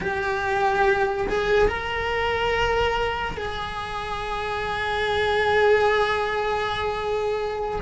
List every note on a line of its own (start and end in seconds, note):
0.00 1.27 G4
1.28 1.68 G#4
1.68 3.37 A#4
3.37 7.81 G#4